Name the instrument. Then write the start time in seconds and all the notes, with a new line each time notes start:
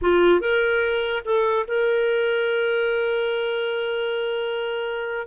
clarinet
0.01 F4
0.40 A#4
1.24 A4
1.67 A#4